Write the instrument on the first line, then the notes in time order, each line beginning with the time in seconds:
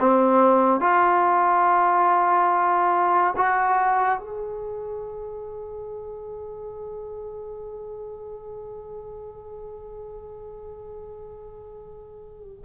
trombone
0.00 C4
0.81 F4
3.37 F#4
4.20 G#4